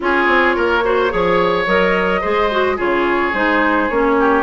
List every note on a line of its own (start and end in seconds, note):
0.00 0.27 C#4
0.00 0.82 F4
0.00 0.55 G#4
0.00 1.67 C#5
0.27 0.55 C4
0.55 1.12 A#3
0.55 0.83 A#4
0.83 1.09 F#4
0.83 1.12 C5
1.09 1.66 F3
1.09 1.65 G#4
1.09 2.20 C#5
1.66 2.21 F#3
1.66 2.22 A#4
1.66 2.78 D#5
2.20 2.79 G#3
2.20 2.50 G#4
2.20 2.76 C5
2.51 2.77 F#4
2.76 3.33 C#3
2.76 3.32 F4
2.76 4.15 G#4
2.76 3.34 C#5
3.33 3.89 G#3
3.33 3.90 D#4
3.33 3.89 C5
3.89 4.43 A#3
3.89 4.43 C#4
3.89 4.43 C#5
4.19 4.43 G4